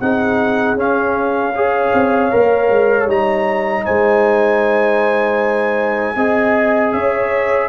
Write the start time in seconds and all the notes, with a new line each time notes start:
0.00 C4 D#4 G#4 F#5
0.75 C#4 F5
1.54 G#4 C#5
1.93 C4
2.31 A#3 A#4
2.69 G#3
3.06 G3 D#4 A#5
3.85 G#3 C5 G#5
6.16 C4 G#4 D#5
6.92 C#4 C#5 E5